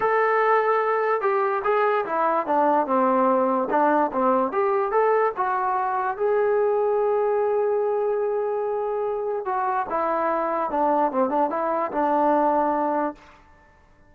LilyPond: \new Staff \with { instrumentName = "trombone" } { \time 4/4 \tempo 4 = 146 a'2. g'4 | gis'4 e'4 d'4 c'4~ | c'4 d'4 c'4 g'4 | a'4 fis'2 gis'4~ |
gis'1~ | gis'2. fis'4 | e'2 d'4 c'8 d'8 | e'4 d'2. | }